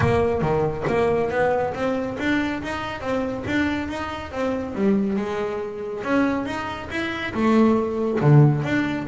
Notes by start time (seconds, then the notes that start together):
0.00 A#3
0.41 D#3
0.87 A#3
1.30 B3
1.74 C4
2.19 D4
2.62 D#4
3.01 C4
3.46 D4
3.88 D#4
4.31 C4
4.75 G3
5.16 G#3
6.03 C#4
6.45 D#4
6.90 E4
7.33 A3
8.21 D3
8.63 D4